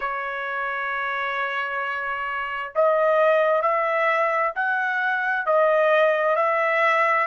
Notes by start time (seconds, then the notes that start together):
0.00 C#5
2.75 D#5
3.62 E5
4.55 F#5
5.45 D#5
6.36 E5